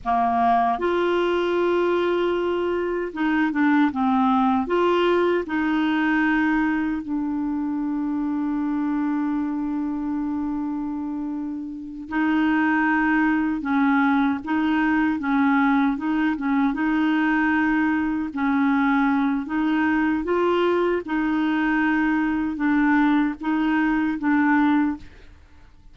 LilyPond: \new Staff \with { instrumentName = "clarinet" } { \time 4/4 \tempo 4 = 77 ais4 f'2. | dis'8 d'8 c'4 f'4 dis'4~ | dis'4 d'2.~ | d'2.~ d'8 dis'8~ |
dis'4. cis'4 dis'4 cis'8~ | cis'8 dis'8 cis'8 dis'2 cis'8~ | cis'4 dis'4 f'4 dis'4~ | dis'4 d'4 dis'4 d'4 | }